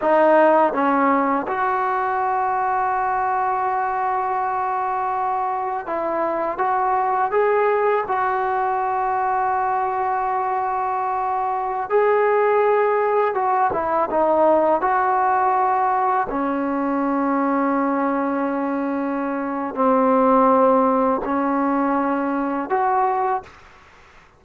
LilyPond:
\new Staff \with { instrumentName = "trombone" } { \time 4/4 \tempo 4 = 82 dis'4 cis'4 fis'2~ | fis'1 | e'4 fis'4 gis'4 fis'4~ | fis'1~ |
fis'16 gis'2 fis'8 e'8 dis'8.~ | dis'16 fis'2 cis'4.~ cis'16~ | cis'2. c'4~ | c'4 cis'2 fis'4 | }